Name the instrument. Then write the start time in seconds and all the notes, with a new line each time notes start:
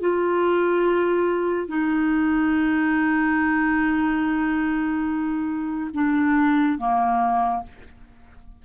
clarinet
0.00 F4
1.68 D#4
5.93 D4
6.78 A#3